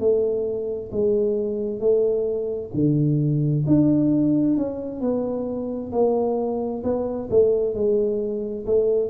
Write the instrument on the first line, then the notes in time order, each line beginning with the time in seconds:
tuba
0.00 A3
0.93 G#3
1.80 A3
2.74 D3
3.67 D4
4.57 C#4
5.01 B3
5.92 A#3
6.84 B3
7.31 A3
7.75 G#3
8.66 A3